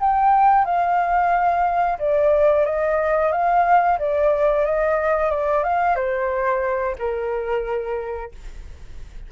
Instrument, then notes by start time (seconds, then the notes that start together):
flute
0.00 G5
0.65 F5
1.99 D5
2.65 D#5
3.32 F5
3.99 D5
4.65 D#5
5.30 D5
5.64 F5
5.96 C5
6.98 A#4